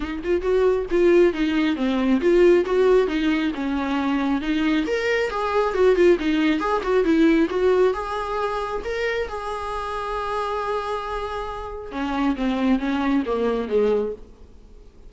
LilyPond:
\new Staff \with { instrumentName = "viola" } { \time 4/4 \tempo 4 = 136 dis'8 f'8 fis'4 f'4 dis'4 | c'4 f'4 fis'4 dis'4 | cis'2 dis'4 ais'4 | gis'4 fis'8 f'8 dis'4 gis'8 fis'8 |
e'4 fis'4 gis'2 | ais'4 gis'2.~ | gis'2. cis'4 | c'4 cis'4 ais4 gis4 | }